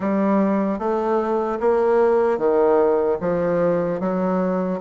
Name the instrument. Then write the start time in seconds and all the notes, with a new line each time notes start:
bassoon
0.00 G3
0.78 A3
1.60 A#3
2.37 D#3
3.20 F3
4.00 F#3